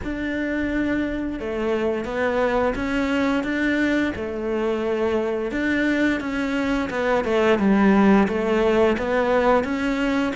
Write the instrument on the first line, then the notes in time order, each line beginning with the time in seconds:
cello
0.03 D4
1.39 A3
2.04 B3
2.75 C#4
3.43 D4
4.15 A3
5.51 D4
6.20 C#4
6.90 B3
7.24 A3
7.58 G3
8.28 A3
8.97 B3
9.64 C#4